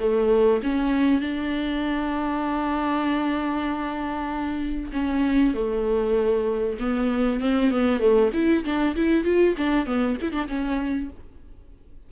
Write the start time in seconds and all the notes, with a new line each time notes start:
0.00 A3
0.63 C#4
1.21 D4
4.93 C#4
5.55 A3
6.80 B3
7.41 C4
7.71 B3
8.00 A3
8.34 E4
8.65 D4
8.96 E4
9.25 F4
9.58 D4
9.86 B3
10.22 E4
10.32 D4
10.48 C#4